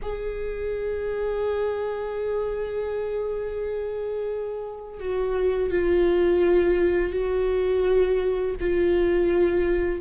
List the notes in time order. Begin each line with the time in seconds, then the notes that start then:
0.02 G#4
4.99 F#4
5.70 F4
7.12 F#4
8.59 F4